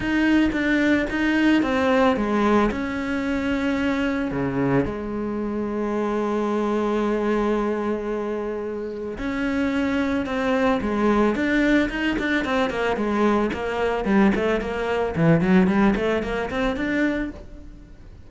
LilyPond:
\new Staff \with { instrumentName = "cello" } { \time 4/4 \tempo 4 = 111 dis'4 d'4 dis'4 c'4 | gis4 cis'2. | cis4 gis2.~ | gis1~ |
gis4 cis'2 c'4 | gis4 d'4 dis'8 d'8 c'8 ais8 | gis4 ais4 g8 a8 ais4 | e8 fis8 g8 a8 ais8 c'8 d'4 | }